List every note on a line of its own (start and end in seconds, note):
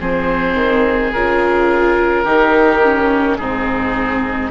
0.00 0.54 F3
0.00 1.13 C4
0.00 2.24 G#4
0.00 1.12 C5
0.54 1.10 D#3
1.12 2.25 C#3
1.12 2.25 F4
1.12 3.37 A#4
2.24 3.38 D#3
2.24 2.82 D#4
2.24 3.37 G4
2.83 3.40 C#4
3.37 4.51 G#2
3.37 4.51 C4
3.37 4.51 D#4
3.37 4.50 G#4